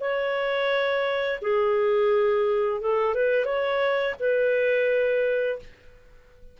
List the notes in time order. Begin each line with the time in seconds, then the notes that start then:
0.00 C#5
1.41 G#4
2.81 A4
3.14 B4
3.45 C#5
4.19 B4